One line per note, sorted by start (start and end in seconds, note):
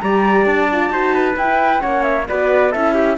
0.00 0.46 G3
0.00 0.69 G4
0.00 0.93 D5
0.00 0.45 A#5
0.46 0.90 D4
0.46 1.36 A5
0.72 0.90 F4
0.90 1.35 D#4
0.90 1.35 F#4
0.90 1.14 C5
1.14 1.81 B4
1.36 1.81 E4
1.36 1.80 E4
1.36 1.81 G5
1.80 2.29 A#3
1.80 2.25 C#4
1.80 2.26 C#5
1.80 2.02 F#5
2.02 2.25 E5
2.28 2.75 B3
2.28 2.74 F#4
2.28 2.71 B4
2.28 2.72 D5
2.71 3.17 C#4
2.71 3.17 E4
2.71 2.94 A4
2.71 3.17 E5
2.94 3.17 G4